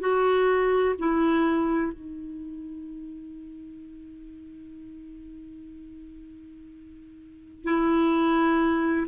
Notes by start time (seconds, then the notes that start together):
0.00 F#4
0.99 E4
1.93 D#4
7.64 E4